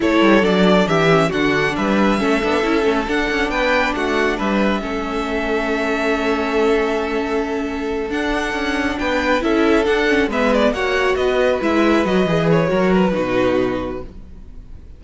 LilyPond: <<
  \new Staff \with { instrumentName = "violin" } { \time 4/4 \tempo 4 = 137 cis''4 d''4 e''4 fis''4 | e''2. fis''4 | g''4 fis''4 e''2~ | e''1~ |
e''2~ e''8 fis''4.~ | fis''8 g''4 e''4 fis''4 e''8 | d''8 fis''4 dis''4 e''4 dis''8~ | dis''8 cis''4 b'2~ b'8 | }
  \new Staff \with { instrumentName = "violin" } { \time 4/4 a'2 g'4 fis'4 | b'4 a'2. | b'4 fis'4 b'4 a'4~ | a'1~ |
a'1~ | a'8 b'4 a'2 b'8~ | b'8 cis''4 b'2~ b'8~ | b'4 ais'4 fis'2 | }
  \new Staff \with { instrumentName = "viola" } { \time 4/4 e'4 d'4. cis'8 d'4~ | d'4 cis'8 d'8 e'8 cis'8 d'4~ | d'2. cis'4~ | cis'1~ |
cis'2~ cis'8 d'4.~ | d'4. e'4 d'8 cis'8 b8~ | b8 fis'2 e'4 fis'8 | gis'4 fis'4 dis'2 | }
  \new Staff \with { instrumentName = "cello" } { \time 4/4 a8 g8 fis4 e4 d4 | g4 a8 b8 cis'8 a8 d'8 cis'8 | b4 a4 g4 a4~ | a1~ |
a2~ a8 d'4 cis'8~ | cis'8 b4 cis'4 d'4 gis8~ | gis8 ais4 b4 gis4 fis8 | e4 fis4 b,2 | }
>>